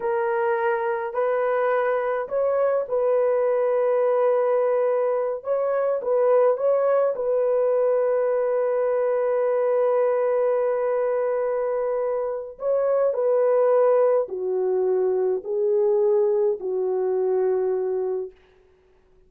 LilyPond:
\new Staff \with { instrumentName = "horn" } { \time 4/4 \tempo 4 = 105 ais'2 b'2 | cis''4 b'2.~ | b'4. cis''4 b'4 cis''8~ | cis''8 b'2.~ b'8~ |
b'1~ | b'2 cis''4 b'4~ | b'4 fis'2 gis'4~ | gis'4 fis'2. | }